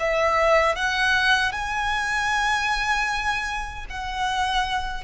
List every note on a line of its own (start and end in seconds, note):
0.00 0.76 E5
0.76 1.52 F#5
1.52 3.86 G#5
3.90 5.04 F#5